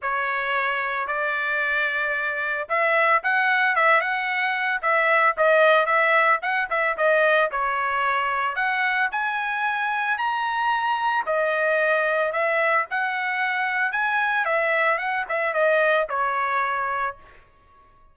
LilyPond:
\new Staff \with { instrumentName = "trumpet" } { \time 4/4 \tempo 4 = 112 cis''2 d''2~ | d''4 e''4 fis''4 e''8 fis''8~ | fis''4 e''4 dis''4 e''4 | fis''8 e''8 dis''4 cis''2 |
fis''4 gis''2 ais''4~ | ais''4 dis''2 e''4 | fis''2 gis''4 e''4 | fis''8 e''8 dis''4 cis''2 | }